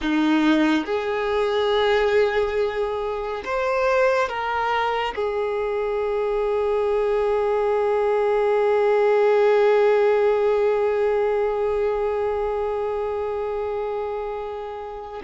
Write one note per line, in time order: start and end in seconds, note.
0.01 0.85 D#4
0.85 3.42 G#4
3.44 4.28 C5
4.28 5.14 A#4
5.15 15.22 G#4